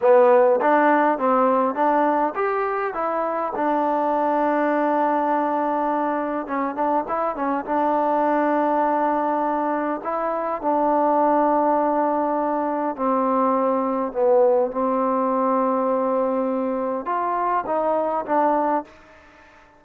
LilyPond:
\new Staff \with { instrumentName = "trombone" } { \time 4/4 \tempo 4 = 102 b4 d'4 c'4 d'4 | g'4 e'4 d'2~ | d'2. cis'8 d'8 | e'8 cis'8 d'2.~ |
d'4 e'4 d'2~ | d'2 c'2 | b4 c'2.~ | c'4 f'4 dis'4 d'4 | }